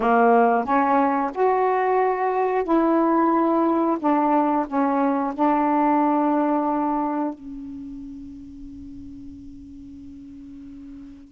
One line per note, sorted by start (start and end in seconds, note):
0.00 0.64 A#3
0.64 1.31 C#4
1.34 2.64 F#4
2.64 3.97 E4
3.99 4.66 D4
4.67 5.33 C#4
5.34 7.34 D4
7.34 11.32 C#4